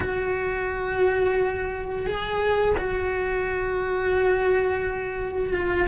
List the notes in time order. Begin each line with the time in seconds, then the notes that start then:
0.00 F#4
2.06 G#4
2.77 F#4
5.53 F4